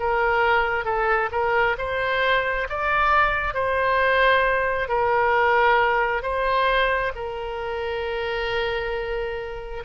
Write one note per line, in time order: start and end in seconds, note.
0.00 0.85 A#4
0.85 1.30 A4
1.32 1.77 A#4
1.78 2.68 C5
2.69 3.54 D5
3.54 4.88 C5
4.88 6.23 A#4
6.23 7.12 C5
7.15 9.84 A#4